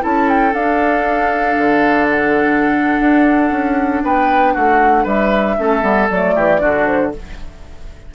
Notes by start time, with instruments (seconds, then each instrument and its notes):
0.00 bassoon C#4, clarinet E4, oboe A4, flute A5
0.29 flute G5
0.53 bassoon D4, clarinet D4, flute F5
1.58 bassoon D3
2.10 flute F#5
3.00 bassoon D4
3.51 bassoon C#4
4.04 bassoon B3, oboe B4, flute G5
4.54 bassoon A3, oboe F#4, flute F#5
5.04 bassoon G3, oboe B4, flute E5
5.59 bassoon A3, clarinet C#4, oboe A4
5.82 bassoon G3, clarinet B3
6.10 bassoon F#3, clarinet A3, flute D5
6.36 bassoon E3, oboe G4
6.60 bassoon D3, clarinet D4, oboe F#4
6.86 flute C5